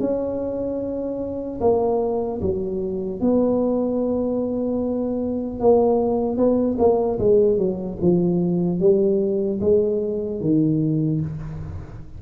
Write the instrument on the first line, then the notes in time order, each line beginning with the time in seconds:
tuba
0.00 C#4
1.61 A#3
2.41 F#3
3.21 B3
5.60 A#3
6.37 B3
6.79 A#3
7.19 G#3
7.58 F#3
8.01 F3
8.80 G3
9.61 G#3
10.41 D#3